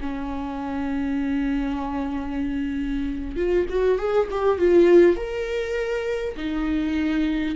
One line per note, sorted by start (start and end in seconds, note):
0.00 3.36 C#4
3.36 3.66 F4
3.69 3.98 F#4
3.98 4.28 G#4
4.30 4.58 G4
4.58 5.16 F4
5.16 6.35 A#4
6.36 7.55 D#4